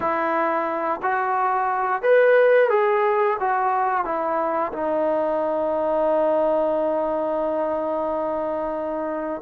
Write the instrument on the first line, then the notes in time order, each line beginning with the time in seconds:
trombone
0.00 E4
1.02 F#4
2.02 B4
2.69 G#4
3.40 F#4
4.04 E4
4.72 D#4